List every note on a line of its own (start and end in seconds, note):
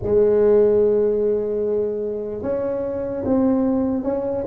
0.02 2.42 G#3
2.42 3.23 C#4
3.25 4.03 C4
4.03 4.44 C#4